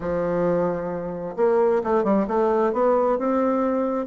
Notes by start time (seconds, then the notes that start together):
0.00 F3
1.36 A#3
1.83 A3
2.04 G3
2.27 A3
2.73 B3
3.18 C4